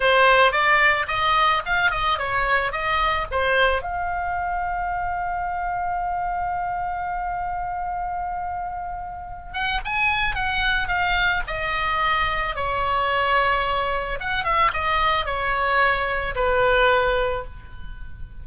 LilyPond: \new Staff \with { instrumentName = "oboe" } { \time 4/4 \tempo 4 = 110 c''4 d''4 dis''4 f''8 dis''8 | cis''4 dis''4 c''4 f''4~ | f''1~ | f''1~ |
f''4. fis''8 gis''4 fis''4 | f''4 dis''2 cis''4~ | cis''2 fis''8 e''8 dis''4 | cis''2 b'2 | }